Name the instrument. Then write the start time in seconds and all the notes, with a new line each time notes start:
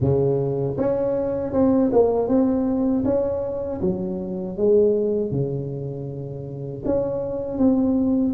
tuba
0.00 C#3
0.77 C#4
1.52 C4
1.92 A#3
2.28 C4
3.04 C#4
3.81 F#3
4.57 G#3
5.31 C#3
6.85 C#4
7.58 C4